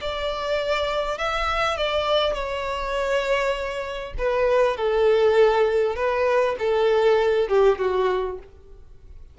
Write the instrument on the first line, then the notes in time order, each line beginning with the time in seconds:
violin
0.00 D5
1.18 E5
1.77 D5
2.33 C#5
4.18 B4
4.76 A4
5.95 B4
6.58 A4
7.48 G4
7.78 F#4